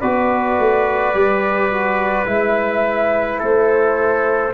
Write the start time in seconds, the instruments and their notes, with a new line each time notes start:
0.00 tuba B3, trombone F#4, trumpet B4, flute D5
0.59 tuba A3
1.14 tuba G3, trombone G4
1.71 trombone F#4
2.25 tuba G#3, trombone E4, flute E5
3.39 tuba A3, trumpet A4, flute C5